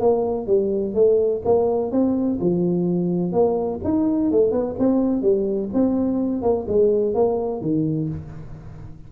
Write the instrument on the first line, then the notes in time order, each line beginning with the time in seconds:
tuba
0.00 A#3
0.47 G3
0.94 A3
1.45 A#3
1.92 C4
2.41 F3
3.33 A#3
3.84 D#4
4.31 A3
4.52 B3
4.79 C4
5.22 G3
5.74 C4
6.42 A#3
6.68 G#3
7.15 A#3
7.61 D#3